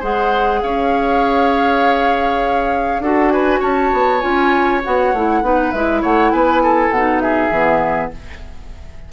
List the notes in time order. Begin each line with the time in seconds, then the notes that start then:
0.00 G#3 G#4 C5 F#5
0.62 C#4 C#5 F5
3.00 D4 F#4 A4 F#5
3.31 B4 G#5
3.60 C#4 C#5 A5
3.93 B3
4.21 C#4 F4 G#5
4.84 B3 F#4 F#5
5.14 A3 E4
5.42 B3 D#4 B4
5.72 G#3 E4 E5
6.02 A3 C#5 F#5
6.32 B3 B4 G#5
6.63 A4
6.90 B2 F#5
6.96 D#4
7.21 G#4 E5
7.51 E3 B3